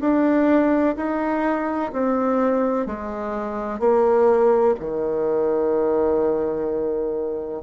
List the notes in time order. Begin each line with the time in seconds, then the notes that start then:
0.00 D4
0.96 D#4
1.92 C4
2.86 G#3
3.79 A#3
4.79 D#3